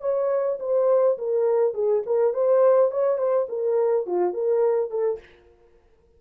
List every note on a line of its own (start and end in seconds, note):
0.00 0.58 C#5
0.60 1.17 C5
1.18 1.74 A#4
1.74 2.03 G#4
2.06 2.33 A#4
2.33 2.91 C5
2.91 3.18 C#5
3.18 3.47 C5
3.49 4.06 A#4
4.06 4.33 F4
4.33 4.90 A#4
4.90 5.19 A4